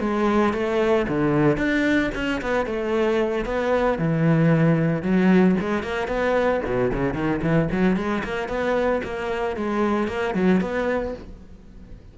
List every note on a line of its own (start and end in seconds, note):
0.00 0.53 G#3
0.53 1.06 A3
1.08 1.57 D3
1.57 2.10 D4
2.15 2.41 C#4
2.42 2.66 B3
2.66 3.45 A3
3.45 3.98 B3
3.98 5.02 E3
5.02 5.56 F#3
5.60 5.83 G#3
5.83 6.08 A#3
6.08 6.61 B3
6.65 6.92 B2
6.93 7.14 C#3
7.14 7.41 D#3
7.42 7.68 E3
7.72 7.96 F#3
7.96 8.23 G#3
8.24 8.49 A#3
8.49 9.02 B3
9.04 9.56 A#3
9.56 10.08 G#3
10.08 10.34 A#3
10.34 10.61 F#3
10.61 11.14 B3